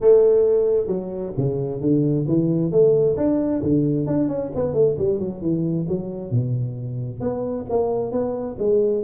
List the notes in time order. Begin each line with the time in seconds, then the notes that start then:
0.00 A3
0.87 F#3
1.37 C#3
1.81 D3
2.27 E3
2.71 A3
3.16 D4
3.62 D3
4.06 D4
4.28 C#4
4.55 B3
4.73 A3
4.98 G3
5.19 F#3
5.41 E3
5.88 F#3
6.31 B2
7.20 B3
7.69 A#3
8.11 B3
8.59 G#3